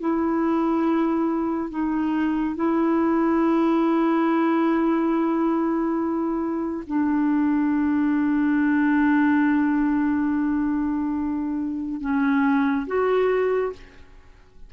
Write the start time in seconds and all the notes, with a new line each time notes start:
0.00 E4
1.70 D#4
2.55 E4
6.86 D4
12.00 C#4
12.87 F#4